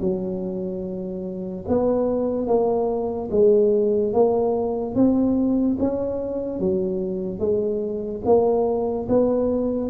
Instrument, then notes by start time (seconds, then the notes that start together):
tuba
0.00 F#3
1.68 B3
2.47 A#3
3.31 G#3
4.13 A#3
4.95 C4
5.79 C#4
6.60 F#3
7.39 G#3
8.25 A#3
9.09 B3